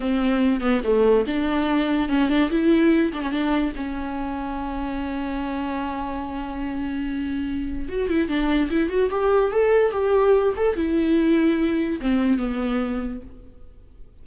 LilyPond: \new Staff \with { instrumentName = "viola" } { \time 4/4 \tempo 4 = 145 c'4. b8 a4 d'4~ | d'4 cis'8 d'8 e'4. d'16 cis'16 | d'4 cis'2.~ | cis'1~ |
cis'2. fis'8 e'8 | d'4 e'8 fis'8 g'4 a'4 | g'4. a'8 e'2~ | e'4 c'4 b2 | }